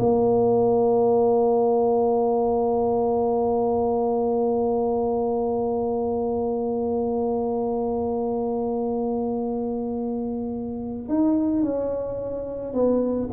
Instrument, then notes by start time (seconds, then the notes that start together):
tuba
0.00 A#3
11.09 D#4
11.63 C#4
12.74 B3